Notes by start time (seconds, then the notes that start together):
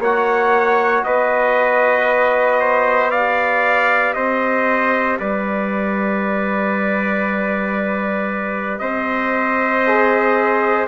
0.00 A#3 F#4 C#5 F#5
1.05 B3 B4 D#5
2.60 C5
3.11 G4 D5 F5
4.14 C4 C5 D#5
5.20 G3 B4 D5
8.79 C4 C5 D#5
9.88 G#4